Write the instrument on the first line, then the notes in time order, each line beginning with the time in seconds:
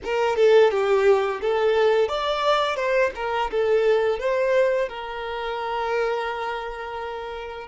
violin
0.03 A#4
0.36 A4
0.70 G4
1.41 A4
2.08 D5
2.76 C5
3.15 A#4
3.51 A4
4.19 C5
4.88 A#4